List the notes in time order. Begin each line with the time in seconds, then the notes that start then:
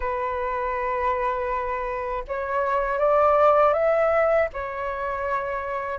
0.00 B4
2.27 C#5
2.98 D5
3.73 E5
4.53 C#5